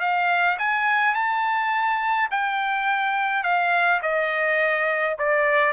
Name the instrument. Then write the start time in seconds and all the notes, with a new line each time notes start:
trumpet
0.00 F5
0.58 G#5
1.14 A5
2.31 G5
3.43 F5
4.02 D#5
5.18 D5